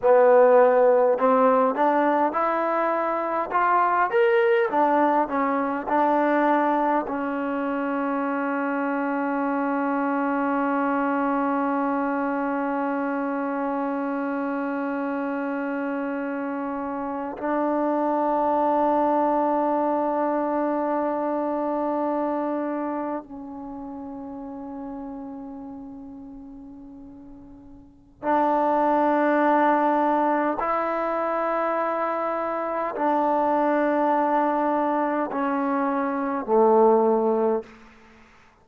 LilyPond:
\new Staff \with { instrumentName = "trombone" } { \time 4/4 \tempo 4 = 51 b4 c'8 d'8 e'4 f'8 ais'8 | d'8 cis'8 d'4 cis'2~ | cis'1~ | cis'2~ cis'8. d'4~ d'16~ |
d'2.~ d'8. cis'16~ | cis'1 | d'2 e'2 | d'2 cis'4 a4 | }